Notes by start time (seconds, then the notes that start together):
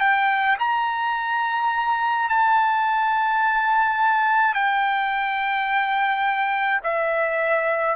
0.00 G5
0.59 A#5
2.29 A5
4.54 G5
6.83 E5